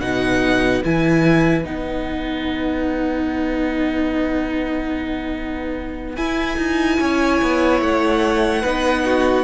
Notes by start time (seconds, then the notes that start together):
0.00 B2 D#4 B4 F#5
0.84 E3 E4 G#5
1.64 B3 D#4 F#5
6.16 E4 G#5
6.57 D#4
7.00 C#4 C#5
7.42 B3
7.81 A3 F#5
8.62 B3 D#4 B4
9.05 F#4